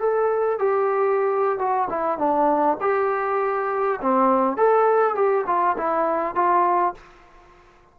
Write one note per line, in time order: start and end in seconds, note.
0.00 0.59 A4
0.59 1.59 G4
1.59 1.89 F#4
1.90 2.18 E4
2.18 2.78 D4
2.81 4.00 G4
4.02 4.57 C4
4.57 5.15 A4
5.15 5.45 G4
5.47 5.77 F4
5.78 6.35 E4
6.35 6.95 F4